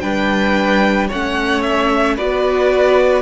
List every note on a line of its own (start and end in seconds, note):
0.00 1.09 G3
0.00 1.09 D4
0.00 1.08 B4
0.00 1.07 G5
1.08 2.18 A3
1.08 2.18 C#4
1.08 2.15 C#5
1.08 1.62 F#5
1.62 2.16 E5
2.16 3.22 B3
2.16 3.22 F#4
2.16 3.22 B4
2.16 3.22 D5